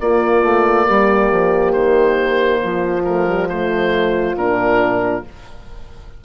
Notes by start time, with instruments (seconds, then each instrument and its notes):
0.00 bassoon A#3, horn A#3 F4, oboe D5
0.42 bassoon A3
0.86 bassoon G3, horn G4
1.31 bassoon F3
1.72 bassoon D#3, oboe C5
2.62 bassoon F3, horn F4
3.04 horn A3, oboe A#4
3.27 horn G3
3.49 horn A3, oboe C5
4.36 bassoon A#2, horn D4, oboe A#4